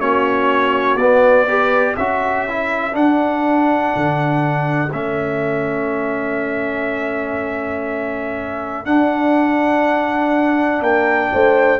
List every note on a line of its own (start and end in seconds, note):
0.00 0.97 A#3
0.00 0.99 C#4
0.00 1.48 F#4
0.00 0.97 C#5
0.97 1.95 B3
0.97 1.48 B3
0.97 1.96 D5
1.48 1.97 G4
1.48 1.95 B4
1.95 2.95 C#4
1.95 2.49 F#4
1.95 10.81 A4
1.95 2.95 E5
2.49 2.93 E4
2.93 4.90 D4
2.93 3.94 D4
2.93 4.93 F#5
3.97 4.94 D3
4.93 8.86 A3
4.93 8.86 C#4
4.93 8.86 E5
8.86 10.82 D4
8.86 11.80 D4
8.86 10.83 F#5
10.81 11.31 A#3
10.81 11.31 A#4
10.81 11.80 G5
11.33 11.80 A3
11.33 11.80 C5